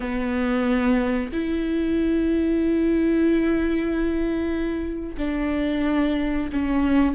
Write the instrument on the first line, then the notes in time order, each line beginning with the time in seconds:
viola
0.00 B3
1.32 E4
5.17 D4
6.52 C#4